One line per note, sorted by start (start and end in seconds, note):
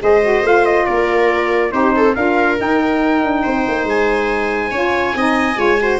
0.00 0.42 G#3
0.00 0.21 G#4
0.00 0.86 C5
0.00 0.46 D#5
0.22 0.43 F#4
0.42 0.85 A3
0.42 1.70 F4
0.42 0.65 F5
0.65 0.86 D#5
0.86 1.72 A#3
0.86 1.72 A#4
0.86 1.71 D5
1.70 2.15 C4
1.70 2.13 D#4
1.70 1.95 G4
1.70 2.14 C5
1.96 2.16 A4
2.15 2.59 D4
2.15 2.57 F4
2.15 3.42 A#4
2.15 2.58 F5
2.57 4.71 D#4
2.57 3.23 D#4
2.57 3.88 G5
3.23 3.45 D4
3.42 3.67 C4
3.42 4.71 C5
3.67 3.84 A#3
3.84 4.70 G#3
3.84 6.00 G#5
4.71 5.14 C#4
4.71 5.16 F4
4.71 5.14 C#5
5.15 5.56 C4
5.15 5.56 D#4
5.15 5.59 D#5
5.56 5.99 G#3
5.56 5.77 F4
5.56 5.81 C#5
5.80 6.00 F#4
5.80 6.00 C5